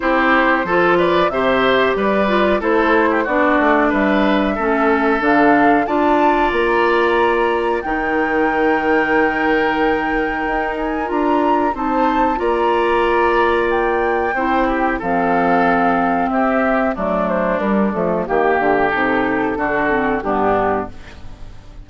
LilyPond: <<
  \new Staff \with { instrumentName = "flute" } { \time 4/4 \tempo 4 = 92 c''4. d''8 e''4 d''4 | c''4 d''4 e''2 | f''4 a''4 ais''2 | g''1~ |
g''8 gis''8 ais''4 a''4 ais''4~ | ais''4 g''2 f''4~ | f''4 e''4 d''8 c''8 ais'8 a'8 | g'4 a'2 g'4 | }
  \new Staff \with { instrumentName = "oboe" } { \time 4/4 g'4 a'8 b'8 c''4 b'4 | a'8. g'16 fis'4 b'4 a'4~ | a'4 d''2. | ais'1~ |
ais'2 c''4 d''4~ | d''2 c''8 g'8 a'4~ | a'4 g'4 d'2 | g'2 fis'4 d'4 | }
  \new Staff \with { instrumentName = "clarinet" } { \time 4/4 e'4 f'4 g'4. f'8 | e'4 d'2 cis'4 | d'4 f'2. | dis'1~ |
dis'4 f'4 dis'4 f'4~ | f'2 e'4 c'4~ | c'2 a4 g8 a8 | ais4 dis'4 d'8 c'8 b4 | }
  \new Staff \with { instrumentName = "bassoon" } { \time 4/4 c'4 f4 c4 g4 | a4 b8 a8 g4 a4 | d4 d'4 ais2 | dis1 |
dis'4 d'4 c'4 ais4~ | ais2 c'4 f4~ | f4 c'4 fis4 g8 f8 | dis8 d8 c4 d4 g,4 | }
>>